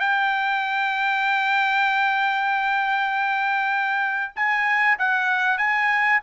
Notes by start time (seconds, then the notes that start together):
0.00 G5
4.36 G#5
4.99 F#5
5.58 G#5